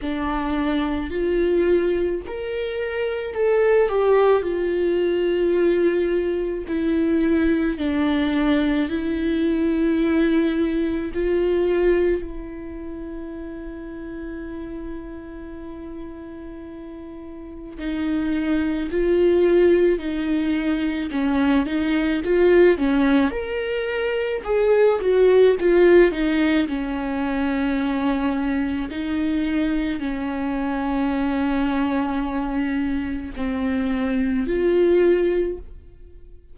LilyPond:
\new Staff \with { instrumentName = "viola" } { \time 4/4 \tempo 4 = 54 d'4 f'4 ais'4 a'8 g'8 | f'2 e'4 d'4 | e'2 f'4 e'4~ | e'1 |
dis'4 f'4 dis'4 cis'8 dis'8 | f'8 cis'8 ais'4 gis'8 fis'8 f'8 dis'8 | cis'2 dis'4 cis'4~ | cis'2 c'4 f'4 | }